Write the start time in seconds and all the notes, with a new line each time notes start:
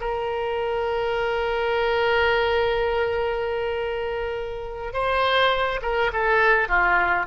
0.00 A#4
4.93 C5
5.81 A#4
6.12 A4
6.68 F4